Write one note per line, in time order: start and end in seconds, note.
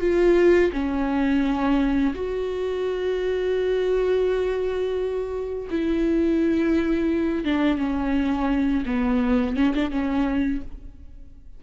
0.00 0.71 F4
0.73 2.14 C#4
2.15 5.68 F#4
5.70 7.44 E4
7.44 7.78 D4
7.78 8.84 C#4
8.86 9.56 B3
9.56 9.74 C#4
9.74 9.90 D4
9.90 10.61 C#4